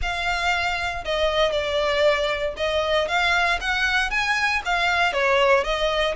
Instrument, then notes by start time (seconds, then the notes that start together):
violin
0.01 F5
1.04 D#5
1.51 D5
2.56 D#5
3.08 F5
3.60 F#5
4.10 G#5
4.65 F5
5.13 C#5
5.64 D#5